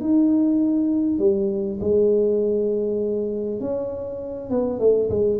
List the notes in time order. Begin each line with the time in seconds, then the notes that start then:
0.00 D#4
1.18 G3
1.80 G#3
3.60 C#4
4.50 B3
4.79 A3
5.09 G#3